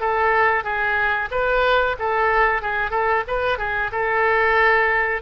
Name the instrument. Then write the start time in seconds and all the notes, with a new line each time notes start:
oboe
0.00 A4
0.64 G#4
1.31 B4
1.99 A4
2.62 G#4
2.91 A4
3.27 B4
3.58 G#4
3.92 A4